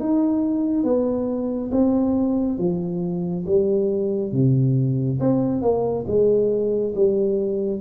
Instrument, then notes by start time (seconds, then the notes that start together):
tuba
0.00 D#4
0.83 B3
1.71 C4
2.58 F3
3.46 G3
4.32 C3
5.20 C4
5.61 A#3
6.07 G#3
6.95 G3